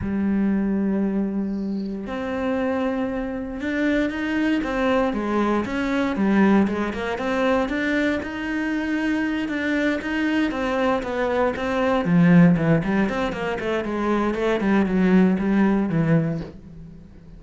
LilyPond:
\new Staff \with { instrumentName = "cello" } { \time 4/4 \tempo 4 = 117 g1 | c'2. d'4 | dis'4 c'4 gis4 cis'4 | g4 gis8 ais8 c'4 d'4 |
dis'2~ dis'8 d'4 dis'8~ | dis'8 c'4 b4 c'4 f8~ | f8 e8 g8 c'8 ais8 a8 gis4 | a8 g8 fis4 g4 e4 | }